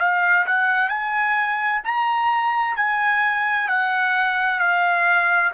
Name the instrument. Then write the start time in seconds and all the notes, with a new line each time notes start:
trumpet
0.00 F5
0.47 F#5
0.89 G#5
1.84 A#5
2.77 G#5
3.68 F#5
4.60 F5